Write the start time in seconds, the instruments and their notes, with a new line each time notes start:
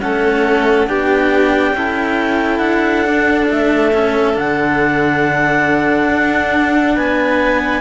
0.00 cello A3 C#4, violin A4, clarinet F#5
0.87 cello B3 D4, violin G4, clarinet G5
1.73 cello C#4 E4, violin A4
2.58 cello D4, clarinet F#5
3.05 cello D4
3.50 cello A3, clarinet E5
3.93 cello C#4
4.34 cello D3 D4, clarinet F#5
6.09 cello D4
6.95 cello B3, violin B4, clarinet G#5